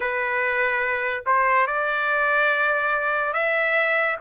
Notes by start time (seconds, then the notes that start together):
0.00 B4
1.26 C5
1.67 D5
3.33 E5